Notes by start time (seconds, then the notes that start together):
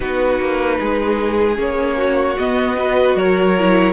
0.00 B3 D#4 F#4 B4
0.39 A#3
0.79 G#3 G#4
1.55 A#3 C#4 C#5
1.97 F#4
2.38 B3 D#5
2.75 F#4 B4
3.15 F#3 A#4 C#5
3.58 E4